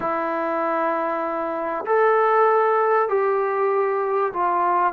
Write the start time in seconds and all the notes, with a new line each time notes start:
0.00 E4
1.85 A4
3.08 G4
4.33 F4